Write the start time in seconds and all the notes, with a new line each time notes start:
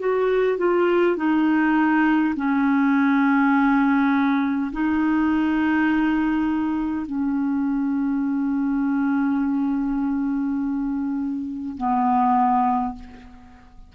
0.00 F#4
0.58 F4
1.17 D#4
2.36 C#4
4.73 D#4
7.06 C#4
11.78 B3